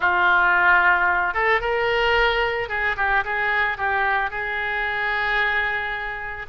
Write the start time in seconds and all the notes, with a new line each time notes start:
0.00 F4
1.34 A4
1.60 A#4
2.69 G#4
2.97 G4
3.24 G#4
3.77 G4
4.30 G#4